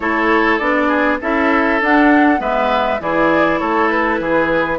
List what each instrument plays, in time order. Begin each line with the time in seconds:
0.00 bassoon A3, clarinet E4, oboe A4, flute C#5
0.58 bassoon B3, clarinet D4, flute D5
0.88 oboe G#4
1.21 bassoon C#4, clarinet E4, oboe A4, flute E5
1.81 bassoon D4, clarinet D4, flute F#5
2.37 bassoon G#3, clarinet B3, oboe B4, flute E5
3.00 bassoon E3, clarinet E4, oboe G#4, flute D5
3.58 bassoon A3, oboe A4, flute C#5
3.89 flute B4
4.19 bassoon E3, oboe G#4